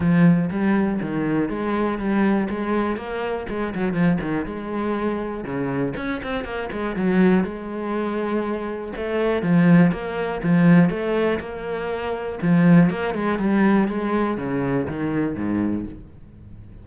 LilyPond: \new Staff \with { instrumentName = "cello" } { \time 4/4 \tempo 4 = 121 f4 g4 dis4 gis4 | g4 gis4 ais4 gis8 fis8 | f8 dis8 gis2 cis4 | cis'8 c'8 ais8 gis8 fis4 gis4~ |
gis2 a4 f4 | ais4 f4 a4 ais4~ | ais4 f4 ais8 gis8 g4 | gis4 cis4 dis4 gis,4 | }